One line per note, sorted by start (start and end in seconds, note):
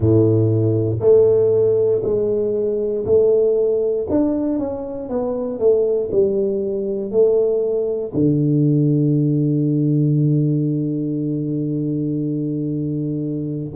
0.00 0.99 A2
1.00 2.02 A3
2.03 3.05 G#3
3.05 4.07 A3
4.10 4.58 D4
4.58 5.09 C#4
5.09 5.59 B3
5.59 6.10 A3
6.11 7.11 G3
7.11 8.13 A3
8.14 13.73 D3